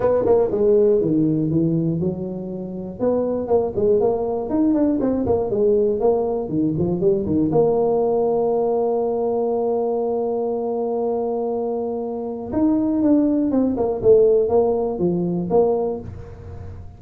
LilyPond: \new Staff \with { instrumentName = "tuba" } { \time 4/4 \tempo 4 = 120 b8 ais8 gis4 dis4 e4 | fis2 b4 ais8 gis8 | ais4 dis'8 d'8 c'8 ais8 gis4 | ais4 dis8 f8 g8 dis8 ais4~ |
ais1~ | ais1~ | ais4 dis'4 d'4 c'8 ais8 | a4 ais4 f4 ais4 | }